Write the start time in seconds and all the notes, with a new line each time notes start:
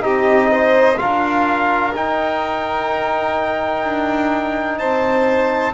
0.00 C4 D#4 G4 D#5
0.52 C5
0.97 D4 F4 A#4 F5
1.94 D#4 G5
3.85 D4
4.79 C4 C5 A5